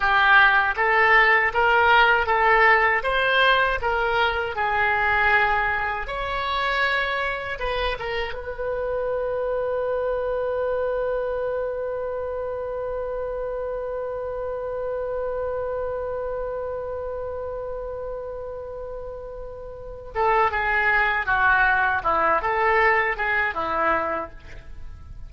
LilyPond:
\new Staff \with { instrumentName = "oboe" } { \time 4/4 \tempo 4 = 79 g'4 a'4 ais'4 a'4 | c''4 ais'4 gis'2 | cis''2 b'8 ais'8 b'4~ | b'1~ |
b'1~ | b'1~ | b'2~ b'8 a'8 gis'4 | fis'4 e'8 a'4 gis'8 e'4 | }